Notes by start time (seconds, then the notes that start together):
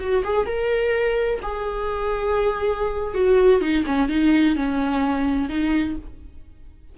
0.00 F#4
0.25 G#4
0.46 A#4
1.43 G#4
3.15 F#4
3.61 D#4
3.87 C#4
4.09 D#4
4.56 C#4
5.50 D#4